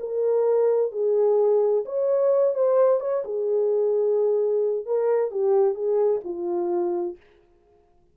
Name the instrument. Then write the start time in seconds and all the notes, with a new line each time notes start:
horn
0.00 A#4
0.92 G#4
1.86 C#5
2.55 C5
3.01 C#5
3.25 G#4
4.86 A#4
5.31 G4
5.75 G#4
6.25 F4